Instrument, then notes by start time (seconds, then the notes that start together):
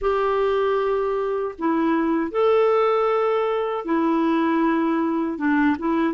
clarinet
0.01 G4
1.58 E4
2.31 A4
3.84 E4
5.37 D4
5.78 E4